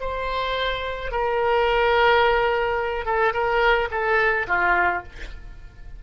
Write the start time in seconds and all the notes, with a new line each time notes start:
0.00 C5
1.11 A#4
3.05 A4
3.33 A#4
3.91 A4
4.47 F4